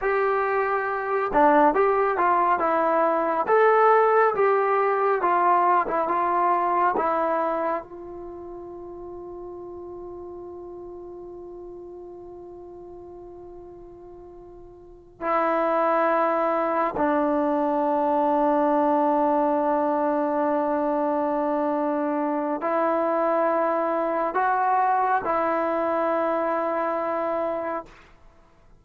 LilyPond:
\new Staff \with { instrumentName = "trombone" } { \time 4/4 \tempo 4 = 69 g'4. d'8 g'8 f'8 e'4 | a'4 g'4 f'8. e'16 f'4 | e'4 f'2.~ | f'1~ |
f'4. e'2 d'8~ | d'1~ | d'2 e'2 | fis'4 e'2. | }